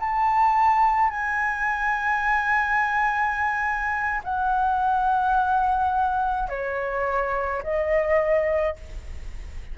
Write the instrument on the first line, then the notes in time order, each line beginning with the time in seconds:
flute
0.00 A5
1.11 G#5
4.24 F#5
6.49 C#5
7.63 D#5